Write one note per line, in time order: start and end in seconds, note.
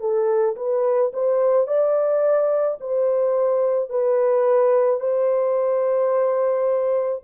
0.00 0.56 A4
0.56 1.12 B4
1.13 1.67 C5
1.67 2.78 D5
2.80 3.89 C5
3.89 5.00 B4
5.00 7.22 C5